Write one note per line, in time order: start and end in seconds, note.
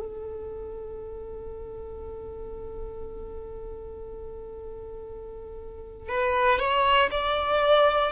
0.00 6.09 A4
6.09 6.59 B4
6.59 7.10 C#5
7.11 8.12 D5